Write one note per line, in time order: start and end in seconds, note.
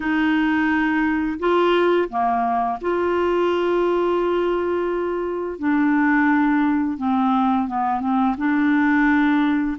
0.00 1.39 D#4
1.39 2.08 F4
2.09 2.78 A#3
2.81 5.58 F4
5.58 6.97 D4
6.97 7.67 C4
7.67 8.00 B3
8.00 8.35 C4
8.37 9.77 D4